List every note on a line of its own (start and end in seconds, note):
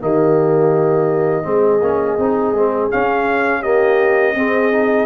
0.00 1.46 D#3
0.00 1.44 A#3
0.00 1.45 G4
0.00 2.91 D#5
1.44 1.81 G#3
1.44 1.80 C4
1.44 3.61 G#4
1.81 2.18 A#3
1.81 2.19 C#4
2.18 2.53 C4
2.18 2.55 D#4
2.53 2.89 G#3
2.53 2.91 C4
2.91 3.63 C#4
2.91 4.35 C#4
2.91 3.63 F5
3.61 4.35 A#3
3.61 4.34 G4
3.61 5.06 D#5
4.35 5.06 C4
4.35 4.72 C4
4.35 5.06 G#4
4.72 5.06 D#4